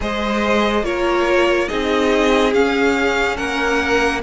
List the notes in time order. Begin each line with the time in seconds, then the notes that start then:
0.00 G#3 G#4 C5 D#5
0.83 A#3 F4 A#4 C#5
1.68 C4 D#4 G#4 D#5
2.53 C#4 F5
3.36 A#3 A#4 F#5